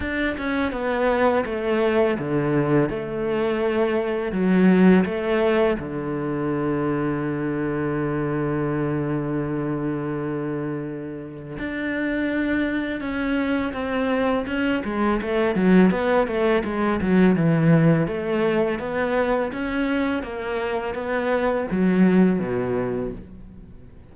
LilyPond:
\new Staff \with { instrumentName = "cello" } { \time 4/4 \tempo 4 = 83 d'8 cis'8 b4 a4 d4 | a2 fis4 a4 | d1~ | d1 |
d'2 cis'4 c'4 | cis'8 gis8 a8 fis8 b8 a8 gis8 fis8 | e4 a4 b4 cis'4 | ais4 b4 fis4 b,4 | }